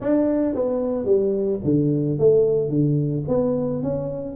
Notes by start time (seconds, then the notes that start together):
0.00 D4
0.54 B3
1.05 G3
1.64 D3
2.18 A3
2.69 D3
3.28 B3
3.83 C#4